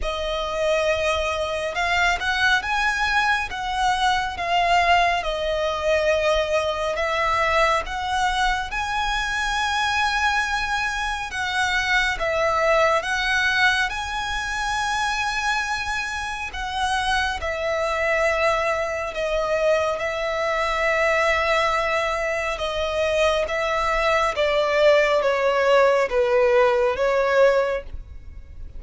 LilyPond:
\new Staff \with { instrumentName = "violin" } { \time 4/4 \tempo 4 = 69 dis''2 f''8 fis''8 gis''4 | fis''4 f''4 dis''2 | e''4 fis''4 gis''2~ | gis''4 fis''4 e''4 fis''4 |
gis''2. fis''4 | e''2 dis''4 e''4~ | e''2 dis''4 e''4 | d''4 cis''4 b'4 cis''4 | }